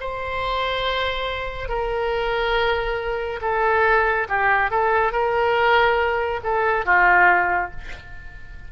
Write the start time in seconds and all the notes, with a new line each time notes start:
0.00 C5
1.68 A#4
3.42 A4
4.29 G4
4.71 A4
5.12 A#4
6.43 A4
6.85 F4